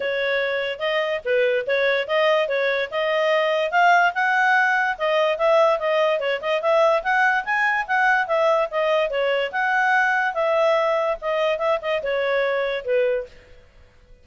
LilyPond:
\new Staff \with { instrumentName = "clarinet" } { \time 4/4 \tempo 4 = 145 cis''2 dis''4 b'4 | cis''4 dis''4 cis''4 dis''4~ | dis''4 f''4 fis''2 | dis''4 e''4 dis''4 cis''8 dis''8 |
e''4 fis''4 gis''4 fis''4 | e''4 dis''4 cis''4 fis''4~ | fis''4 e''2 dis''4 | e''8 dis''8 cis''2 b'4 | }